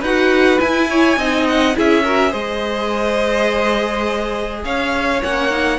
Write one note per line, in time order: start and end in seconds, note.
0.00 0.59 D#4
0.00 0.59 F#4
0.00 0.87 B4
0.00 0.60 F#5
0.59 1.17 E4
0.59 1.46 G#5
0.90 1.18 C#5
1.17 1.75 C4
1.17 1.74 D#4
1.17 1.76 D#5
1.48 1.77 F#5
1.74 2.33 C#4
1.74 2.03 E4
1.74 2.03 G#4
1.74 2.33 E5
2.03 2.30 F#4
2.03 2.30 A#4
2.30 4.64 G#3
2.30 5.19 G#4
2.30 4.61 C5
2.30 4.64 D#5
4.64 5.22 C#4
4.64 5.79 C#5
4.64 5.22 F5
5.22 5.79 A#3
5.22 5.50 C#4
5.22 5.79 F#5
5.50 5.79 D#4